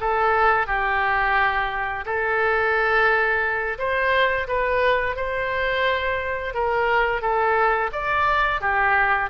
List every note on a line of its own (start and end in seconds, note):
0.00 0.66 A4
0.66 2.04 G4
2.05 3.77 A4
3.78 4.47 C5
4.47 5.16 B4
5.16 6.54 C5
6.54 7.21 A#4
7.21 7.90 A4
7.92 8.61 D5
8.61 9.29 G4